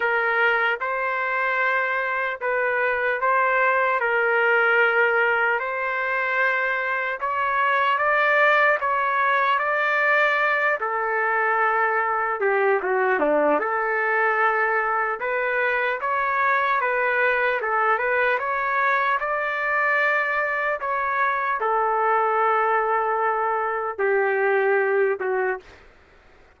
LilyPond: \new Staff \with { instrumentName = "trumpet" } { \time 4/4 \tempo 4 = 75 ais'4 c''2 b'4 | c''4 ais'2 c''4~ | c''4 cis''4 d''4 cis''4 | d''4. a'2 g'8 |
fis'8 d'8 a'2 b'4 | cis''4 b'4 a'8 b'8 cis''4 | d''2 cis''4 a'4~ | a'2 g'4. fis'8 | }